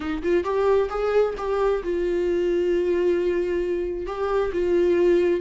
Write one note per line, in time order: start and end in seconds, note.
0.00 0.22 D#4
0.23 0.43 F4
0.43 0.89 G4
0.89 1.34 G#4
1.37 1.82 G4
1.83 4.06 F4
4.06 4.51 G4
4.53 5.40 F4